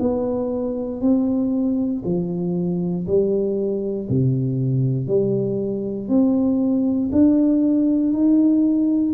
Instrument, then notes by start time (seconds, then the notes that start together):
tuba
0.00 B3
1.01 C4
2.05 F3
3.07 G3
4.10 C3
5.08 G3
6.08 C4
7.12 D4
8.13 D#4